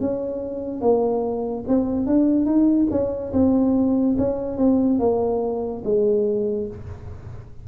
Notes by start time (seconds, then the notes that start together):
0.00 C#4
0.81 A#3
1.67 C4
2.06 D4
2.45 D#4
2.91 C#4
3.33 C4
4.17 C#4
4.58 C4
4.99 A#3
5.84 G#3